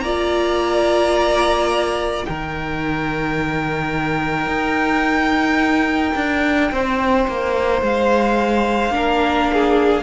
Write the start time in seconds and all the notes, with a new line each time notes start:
0.00 A#3 F4 D5 A#5
2.25 D#3 D#4 A#4 G5
4.46 D#4
6.15 D4
6.71 C4 C5
7.28 A#3
7.81 G#3 F5
8.89 A#3 D4 A#4
9.53 G#4